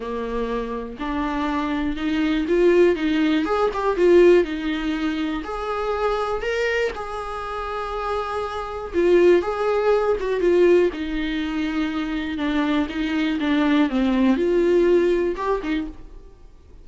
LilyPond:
\new Staff \with { instrumentName = "viola" } { \time 4/4 \tempo 4 = 121 ais2 d'2 | dis'4 f'4 dis'4 gis'8 g'8 | f'4 dis'2 gis'4~ | gis'4 ais'4 gis'2~ |
gis'2 f'4 gis'4~ | gis'8 fis'8 f'4 dis'2~ | dis'4 d'4 dis'4 d'4 | c'4 f'2 g'8 dis'8 | }